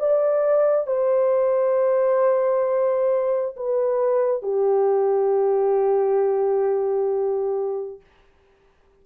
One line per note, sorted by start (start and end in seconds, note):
0.00 0.87 D5
0.87 3.56 C5
3.57 4.42 B4
4.42 8.01 G4